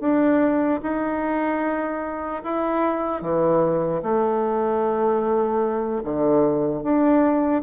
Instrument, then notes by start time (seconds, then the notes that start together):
bassoon
0.00 D4
0.83 D#4
2.44 E4
3.22 E3
4.03 A3
6.04 D3
6.83 D4